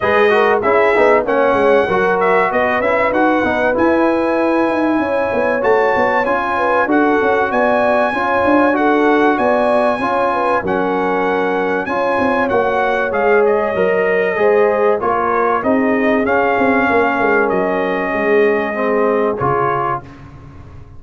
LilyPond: <<
  \new Staff \with { instrumentName = "trumpet" } { \time 4/4 \tempo 4 = 96 dis''4 e''4 fis''4. e''8 | dis''8 e''8 fis''4 gis''2~ | gis''4 a''4 gis''4 fis''4 | gis''2 fis''4 gis''4~ |
gis''4 fis''2 gis''4 | fis''4 f''8 dis''2~ dis''8 | cis''4 dis''4 f''2 | dis''2. cis''4 | }
  \new Staff \with { instrumentName = "horn" } { \time 4/4 b'8 ais'8 gis'4 cis''4 ais'4 | b'1 | cis''2~ cis''8 b'8 a'4 | d''4 cis''4 a'4 d''4 |
cis''8 b'8 ais'2 cis''4~ | cis''2. c''4 | ais'4 gis'2 ais'4~ | ais'4 gis'2. | }
  \new Staff \with { instrumentName = "trombone" } { \time 4/4 gis'8 fis'8 e'8 dis'8 cis'4 fis'4~ | fis'8 e'8 fis'8 dis'8 e'2~ | e'4 fis'4 f'4 fis'4~ | fis'4 f'4 fis'2 |
f'4 cis'2 f'4 | fis'4 gis'4 ais'4 gis'4 | f'4 dis'4 cis'2~ | cis'2 c'4 f'4 | }
  \new Staff \with { instrumentName = "tuba" } { \time 4/4 gis4 cis'8 b8 ais8 gis8 fis4 | b8 cis'8 dis'8 b8 e'4. dis'8 | cis'8 b8 a8 b8 cis'4 d'8 cis'8 | b4 cis'8 d'4. b4 |
cis'4 fis2 cis'8 c'8 | ais4 gis4 fis4 gis4 | ais4 c'4 cis'8 c'8 ais8 gis8 | fis4 gis2 cis4 | }
>>